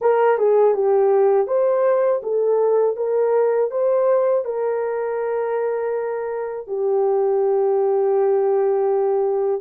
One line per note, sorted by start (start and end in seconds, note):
0.01 0.38 A#4
0.38 0.74 G#4
0.74 1.47 G4
1.47 2.21 C5
2.22 2.96 A4
2.96 3.70 A#4
3.70 4.44 C5
4.44 6.67 A#4
6.67 9.61 G4